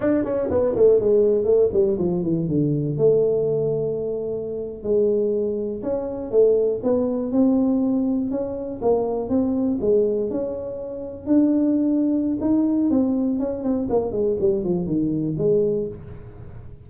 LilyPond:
\new Staff \with { instrumentName = "tuba" } { \time 4/4 \tempo 4 = 121 d'8 cis'8 b8 a8 gis4 a8 g8 | f8 e8 d4 a2~ | a4.~ a16 gis2 cis'16~ | cis'8. a4 b4 c'4~ c'16~ |
c'8. cis'4 ais4 c'4 gis16~ | gis8. cis'2 d'4~ d'16~ | d'4 dis'4 c'4 cis'8 c'8 | ais8 gis8 g8 f8 dis4 gis4 | }